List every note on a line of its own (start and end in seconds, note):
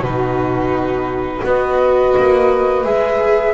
0.00 1.41 B2
0.00 1.44 D#4
0.00 1.44 B4
0.06 1.44 F#4
1.44 2.15 B3
1.44 2.84 F#4
1.44 3.54 B4
1.44 2.84 D#5
2.17 2.85 A#3
2.84 3.54 G#3
2.84 3.54 G#4
2.84 3.54 E5